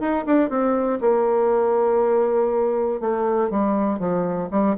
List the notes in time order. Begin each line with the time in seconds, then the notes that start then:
0.00 D#4
0.26 D4
0.50 C4
1.01 A#3
3.00 A3
3.50 G3
3.99 F3
4.51 G3